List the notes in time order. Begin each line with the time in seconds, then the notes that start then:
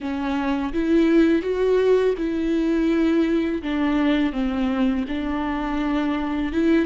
0.00 C#4
0.73 E4
1.42 F#4
2.17 E4
3.62 D4
4.32 C4
5.08 D4
6.52 E4